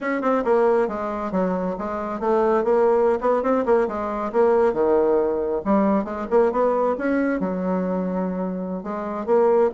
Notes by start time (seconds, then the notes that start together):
0.00 C#4
0.21 C4
0.44 A#3
0.88 G#3
1.31 F#3
1.78 G#3
2.20 A3
2.64 A#3
3.20 B3
3.42 C4
3.65 A#3
3.87 G#3
4.32 A#3
4.73 D#3
5.64 G3
6.04 G#3
6.30 A#3
6.52 B3
6.98 C#4
7.40 F#3
8.83 G#3
9.26 A#3